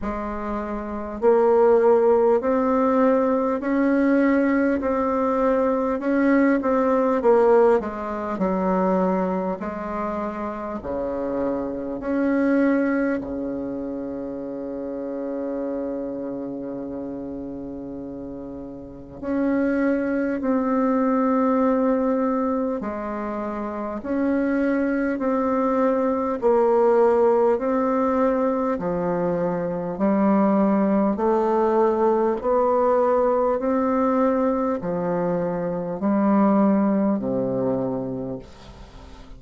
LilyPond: \new Staff \with { instrumentName = "bassoon" } { \time 4/4 \tempo 4 = 50 gis4 ais4 c'4 cis'4 | c'4 cis'8 c'8 ais8 gis8 fis4 | gis4 cis4 cis'4 cis4~ | cis1 |
cis'4 c'2 gis4 | cis'4 c'4 ais4 c'4 | f4 g4 a4 b4 | c'4 f4 g4 c4 | }